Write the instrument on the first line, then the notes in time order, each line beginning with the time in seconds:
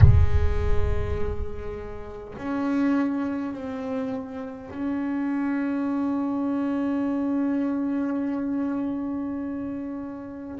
double bass
0.00 G#3
2.37 C#4
3.53 C4
4.71 C#4